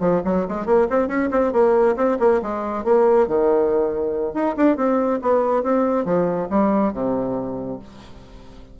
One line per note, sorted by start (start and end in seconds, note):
0.00 0.22 F3
0.25 0.47 F#3
0.48 0.66 G#3
0.66 0.88 A#3
0.90 1.08 C4
1.08 1.29 C#4
1.31 1.53 C4
1.53 1.96 A#3
1.96 2.18 C4
2.20 2.41 A#3
2.43 2.84 G#3
2.84 3.27 A#3
3.27 4.34 D#3
4.34 4.56 D#4
4.57 4.77 D4
4.77 5.20 C4
5.22 5.63 B3
5.63 6.05 C4
6.05 6.48 F3
6.50 6.93 G3
6.93 7.79 C3